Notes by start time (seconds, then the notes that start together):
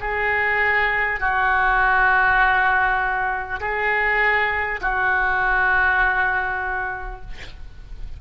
0.00 G#4
1.19 F#4
3.60 G#4
4.81 F#4